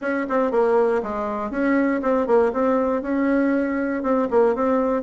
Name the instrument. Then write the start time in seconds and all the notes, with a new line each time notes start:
bassoon
0.01 C#4
0.29 C4
0.51 A#3
1.02 G#3
1.50 C#4
2.02 C4
2.26 A#3
2.53 C4
3.02 C#4
4.02 C4
4.30 A#3
4.55 C4